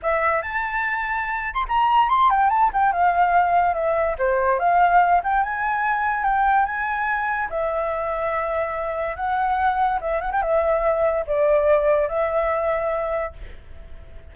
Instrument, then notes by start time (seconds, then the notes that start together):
flute
0.02 E5
0.42 A5
1.54 C6
1.68 A#5
2.09 C6
2.30 G5
2.49 A5
2.73 G5
2.92 F5
3.74 E5
4.18 C5
4.59 F5
5.23 G5
5.43 G#5
6.23 G5
6.65 G#5
7.49 E5
9.16 F#5
10.01 E5
10.20 F#5
10.31 G5
10.42 E5
11.26 D5
12.08 E5